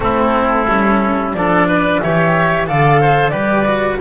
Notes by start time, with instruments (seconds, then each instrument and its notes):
0.00 double bass A3, cello C4, oboe E4, flute A4
0.67 double bass G3, cello C#4
1.33 double bass F3, cello D4, oboe A4, flute D5
1.67 oboe B4
2.00 double bass E3, cello G4, oboe C#5, flute E5
2.66 double bass D3, cello A4, oboe D5, flute F5
3.00 oboe C5
3.29 double bass G3, cello G4, oboe B4, flute D5
3.65 cello F#4